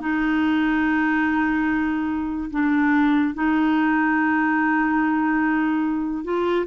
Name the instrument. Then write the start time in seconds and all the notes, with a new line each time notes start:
clarinet
0.00 D#4
2.51 D4
3.34 D#4
6.24 F4